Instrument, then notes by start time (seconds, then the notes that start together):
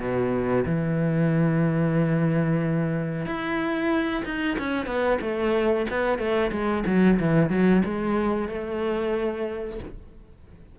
cello
0.00 B2
0.66 E3
3.26 E4
4.25 D#4
4.59 C#4
4.86 B3
5.22 A3
5.91 B3
6.19 A3
6.52 G#3
6.87 F#3
7.20 E3
7.50 F#3
7.85 G#3
8.49 A3